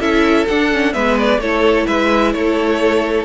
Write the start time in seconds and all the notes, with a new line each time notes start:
0.00 C#4 E4 A4 E5
0.47 D4 F#5
0.72 C#4
0.93 G#3 B3 B4 E5
1.19 D5
1.38 A3 E4 A4 C#5
1.87 G#3 B4 E5
2.33 A3 A4 C#5